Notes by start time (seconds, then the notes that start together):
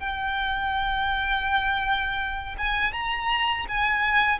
0.00 G5
2.58 G#5
2.93 A#5
3.69 G#5